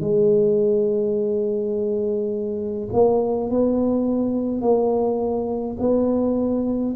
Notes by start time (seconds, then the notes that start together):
0.00 G#3
2.93 A#3
3.50 B3
4.61 A#3
5.79 B3